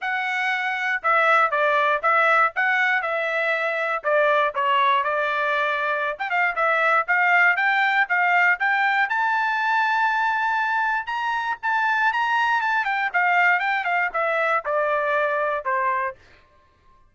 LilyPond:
\new Staff \with { instrumentName = "trumpet" } { \time 4/4 \tempo 4 = 119 fis''2 e''4 d''4 | e''4 fis''4 e''2 | d''4 cis''4 d''2~ | d''16 g''16 f''8 e''4 f''4 g''4 |
f''4 g''4 a''2~ | a''2 ais''4 a''4 | ais''4 a''8 g''8 f''4 g''8 f''8 | e''4 d''2 c''4 | }